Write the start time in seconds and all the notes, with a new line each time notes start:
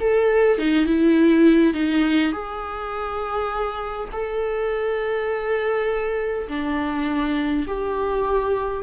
0.00 A4
0.58 D#4
0.86 E4
1.74 D#4
2.32 G#4
4.12 A4
6.48 D4
7.67 G4